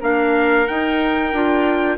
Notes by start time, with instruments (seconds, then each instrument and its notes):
0.00 bassoon A#3, clarinet D4, oboe A#4, trumpet F5
0.67 clarinet D#4, bassoon D#4, trumpet G5
1.33 bassoon D4, clarinet F4